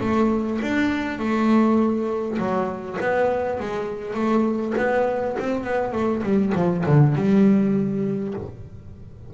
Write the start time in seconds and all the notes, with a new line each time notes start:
0.00 A3
0.62 D4
1.19 A3
2.38 F#3
3.01 B3
3.59 G#3
4.14 A3
4.77 B3
5.39 C4
5.64 B3
5.92 A3
6.23 G3
6.55 F3
6.86 D3
7.15 G3